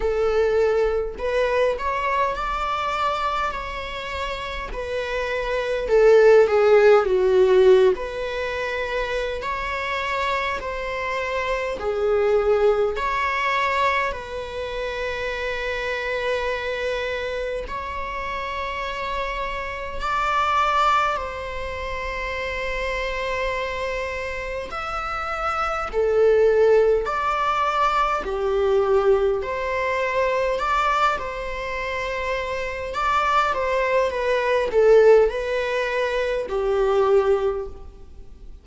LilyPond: \new Staff \with { instrumentName = "viola" } { \time 4/4 \tempo 4 = 51 a'4 b'8 cis''8 d''4 cis''4 | b'4 a'8 gis'8 fis'8. b'4~ b'16 | cis''4 c''4 gis'4 cis''4 | b'2. cis''4~ |
cis''4 d''4 c''2~ | c''4 e''4 a'4 d''4 | g'4 c''4 d''8 c''4. | d''8 c''8 b'8 a'8 b'4 g'4 | }